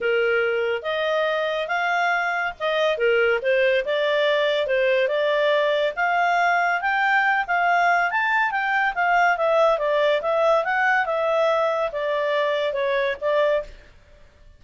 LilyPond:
\new Staff \with { instrumentName = "clarinet" } { \time 4/4 \tempo 4 = 141 ais'2 dis''2 | f''2 dis''4 ais'4 | c''4 d''2 c''4 | d''2 f''2 |
g''4. f''4. a''4 | g''4 f''4 e''4 d''4 | e''4 fis''4 e''2 | d''2 cis''4 d''4 | }